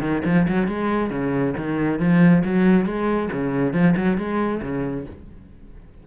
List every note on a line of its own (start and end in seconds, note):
0.00 0.22 D#3
0.25 0.47 F3
0.48 0.67 F#3
0.67 1.10 G#3
1.10 1.54 C#3
1.57 1.99 D#3
1.99 2.43 F3
2.44 2.85 F#3
2.85 3.29 G#3
3.32 3.73 C#3
3.73 3.95 F3
3.96 4.17 F#3
4.17 4.61 G#3
4.62 5.06 C#3